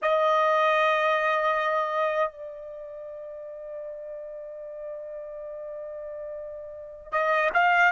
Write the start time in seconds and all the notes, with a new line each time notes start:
0.02 D#5
2.31 D5
7.11 D#5
7.53 F5